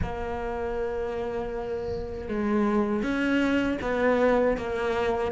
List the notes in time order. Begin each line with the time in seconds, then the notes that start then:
0.02 A#3
2.28 G#3
3.02 C#4
3.81 B3
4.57 A#3